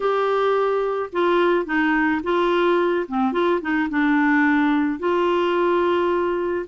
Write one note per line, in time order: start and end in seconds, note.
0.00 1.10 G4
1.12 1.65 F4
1.65 2.21 D#4
2.23 3.06 F4
3.08 3.32 C4
3.32 3.60 F4
3.61 3.89 D#4
3.89 4.99 D4
4.99 6.65 F4